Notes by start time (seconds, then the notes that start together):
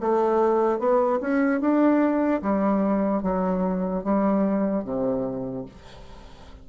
0.00 A3
0.79 B3
1.21 C#4
1.60 D4
2.41 G3
3.22 F#3
4.04 G3
4.84 C3